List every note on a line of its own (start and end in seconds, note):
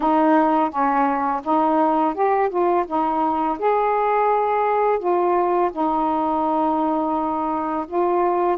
0.00 0.69 D#4
0.69 1.41 C#4
1.44 2.14 D#4
2.14 2.49 G4
2.49 2.85 F4
2.87 3.58 D#4
3.58 4.99 G#4
4.99 5.70 F4
5.71 7.86 D#4
7.87 8.57 F4